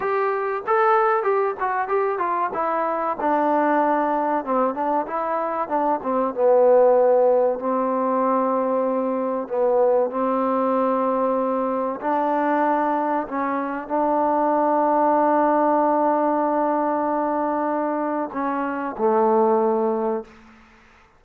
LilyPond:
\new Staff \with { instrumentName = "trombone" } { \time 4/4 \tempo 4 = 95 g'4 a'4 g'8 fis'8 g'8 f'8 | e'4 d'2 c'8 d'8 | e'4 d'8 c'8 b2 | c'2. b4 |
c'2. d'4~ | d'4 cis'4 d'2~ | d'1~ | d'4 cis'4 a2 | }